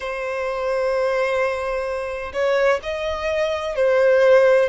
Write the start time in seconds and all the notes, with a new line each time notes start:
0.00 C5
2.33 C#5
2.83 D#5
3.75 C5